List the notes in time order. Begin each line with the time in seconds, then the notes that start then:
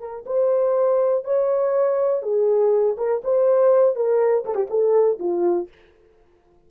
0.00 A#4
0.26 C5
1.25 C#5
2.23 G#4
2.98 A#4
3.24 C5
3.96 A#4
4.46 A4
4.55 G4
4.70 A4
5.20 F4